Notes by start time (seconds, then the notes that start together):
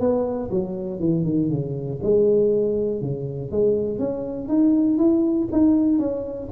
0.00 B3
0.50 F#3
1.00 E3
1.24 D#3
1.50 C#3
2.02 G#3
3.01 C#3
3.51 G#3
3.99 C#4
4.48 D#4
4.98 E4
5.52 D#4
5.99 C#4